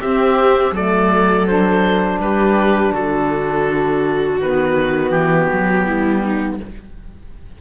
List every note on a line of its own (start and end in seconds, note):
0.00 0.74 C4
0.00 0.71 C4
0.00 0.72 G4
0.00 0.74 E5
0.71 2.18 F#3
0.71 1.46 A3
0.71 2.18 A4
0.71 1.47 D5
1.46 4.39 D4
1.46 2.20 C5
2.19 2.92 G3
2.19 2.92 G4
2.19 2.94 B4
2.92 4.40 D3
2.92 5.84 F#4
2.92 4.40 A4
4.40 5.11 D#3
4.40 6.61 B3
4.40 5.10 B4
5.10 5.47 E3
5.10 6.57 G4
5.52 5.86 F#3
5.86 6.59 G3
5.86 6.23 E4
6.23 6.59 D#4